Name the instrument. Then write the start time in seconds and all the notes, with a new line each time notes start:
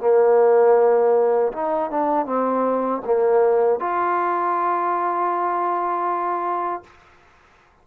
trombone
0.00 A#3
1.53 D#4
1.91 D4
2.25 C4
3.05 A#3
3.79 F4